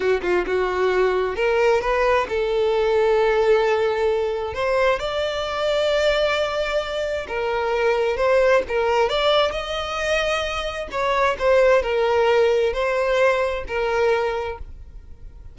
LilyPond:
\new Staff \with { instrumentName = "violin" } { \time 4/4 \tempo 4 = 132 fis'8 f'8 fis'2 ais'4 | b'4 a'2.~ | a'2 c''4 d''4~ | d''1 |
ais'2 c''4 ais'4 | d''4 dis''2. | cis''4 c''4 ais'2 | c''2 ais'2 | }